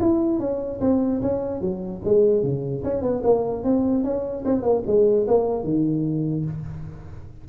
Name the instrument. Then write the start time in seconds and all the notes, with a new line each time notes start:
tuba
0.00 E4
0.40 C#4
0.81 C4
1.22 C#4
1.61 F#3
2.05 G#3
2.43 C#3
2.84 C#4
3.02 B3
3.24 A#3
3.64 C4
4.04 C#4
4.45 C4
4.63 A#3
4.87 G#3
5.28 A#3
5.64 D#3